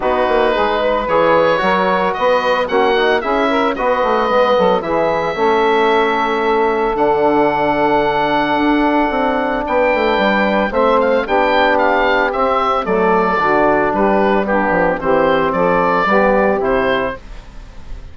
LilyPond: <<
  \new Staff \with { instrumentName = "oboe" } { \time 4/4 \tempo 4 = 112 b'2 cis''2 | dis''4 fis''4 e''4 dis''4~ | dis''4 e''2.~ | e''4 fis''2.~ |
fis''2 g''2 | e''8 f''8 g''4 f''4 e''4 | d''2 b'4 g'4 | c''4 d''2 c''4 | }
  \new Staff \with { instrumentName = "saxophone" } { \time 4/4 fis'4 gis'8 b'4. ais'4 | b'4 fis'4 gis'8 ais'8 b'4~ | b'8 a'8 gis'4 a'2~ | a'1~ |
a'2 b'2 | c''4 g'2. | a'4 fis'4 g'4 d'4 | g'4 a'4 g'2 | }
  \new Staff \with { instrumentName = "trombone" } { \time 4/4 dis'2 gis'4 fis'4~ | fis'4 cis'8 dis'8 e'4 fis'4 | b4 e'4 cis'2~ | cis'4 d'2.~ |
d'1 | c'4 d'2 c'4 | a4 d'2 b4 | c'2 b4 e'4 | }
  \new Staff \with { instrumentName = "bassoon" } { \time 4/4 b8 ais8 gis4 e4 fis4 | b4 ais4 cis'4 b8 a8 | gis8 fis8 e4 a2~ | a4 d2. |
d'4 c'4 b8 a8 g4 | a4 b2 c'4 | fis4 d4 g4. f8 | e4 f4 g4 c4 | }
>>